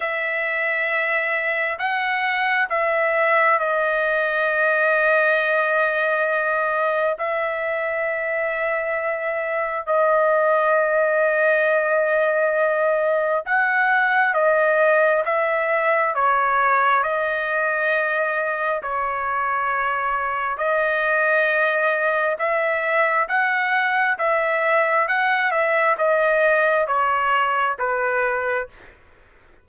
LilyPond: \new Staff \with { instrumentName = "trumpet" } { \time 4/4 \tempo 4 = 67 e''2 fis''4 e''4 | dis''1 | e''2. dis''4~ | dis''2. fis''4 |
dis''4 e''4 cis''4 dis''4~ | dis''4 cis''2 dis''4~ | dis''4 e''4 fis''4 e''4 | fis''8 e''8 dis''4 cis''4 b'4 | }